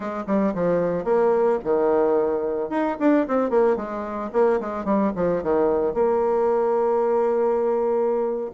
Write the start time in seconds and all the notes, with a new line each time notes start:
0.00 G#3
0.26 G3
0.54 F3
1.04 A#3
1.63 D#3
2.69 D#4
2.99 D4
3.27 C4
3.49 A#3
3.76 G#3
4.32 A#3
4.60 G#3
4.85 G3
5.15 F3
5.42 D#3
5.94 A#3